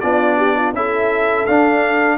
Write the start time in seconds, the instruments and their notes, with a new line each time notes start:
0.00 tuba B3, trombone D4, horn F4, trumpet D5
0.37 horn G4
0.56 horn F4
0.73 tuba C#4, trombone E4, horn A4, trumpet E5
1.46 trombone D4, tuba D4, trumpet F5